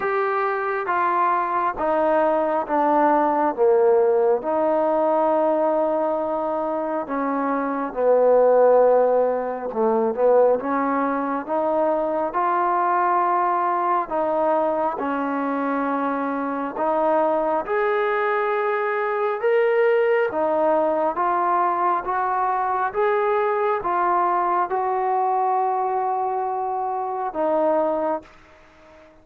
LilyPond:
\new Staff \with { instrumentName = "trombone" } { \time 4/4 \tempo 4 = 68 g'4 f'4 dis'4 d'4 | ais4 dis'2. | cis'4 b2 a8 b8 | cis'4 dis'4 f'2 |
dis'4 cis'2 dis'4 | gis'2 ais'4 dis'4 | f'4 fis'4 gis'4 f'4 | fis'2. dis'4 | }